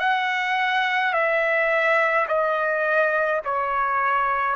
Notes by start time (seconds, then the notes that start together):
0.00 F#5
1.13 E5
2.28 D#5
3.45 C#5